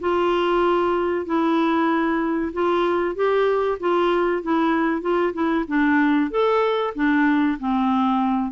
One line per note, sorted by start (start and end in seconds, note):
0.00 1.25 F4
1.25 2.52 E4
2.53 3.15 F4
3.15 3.78 G4
3.80 4.42 F4
4.42 5.01 E4
5.01 5.33 F4
5.33 5.65 E4
5.68 6.30 D4
6.30 6.94 A4
6.95 7.58 D4
7.59 8.52 C4